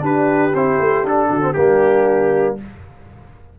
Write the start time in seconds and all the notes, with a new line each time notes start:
0.00 D4 G4 B4
0.54 C4 E4 C5
0.79 A3
1.04 D4 A4
1.30 D3 F#4
1.42 C4
1.54 G3 A#3 D4 G4